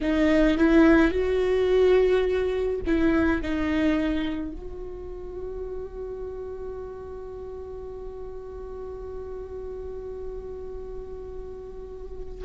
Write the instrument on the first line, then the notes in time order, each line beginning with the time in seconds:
viola
0.01 D#4
0.57 E4
1.11 F#4
2.86 E4
3.42 D#4
4.52 F#4